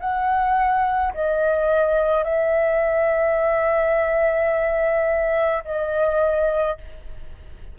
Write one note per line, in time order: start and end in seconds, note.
0.00 1.13 F#5
1.14 2.24 D#5
2.24 5.63 E5
5.65 6.78 D#5